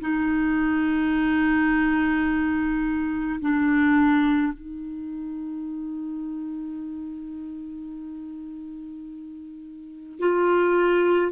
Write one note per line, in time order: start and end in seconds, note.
0.00 3.40 D#4
3.41 4.53 D4
4.53 10.19 D#4
10.19 11.32 F4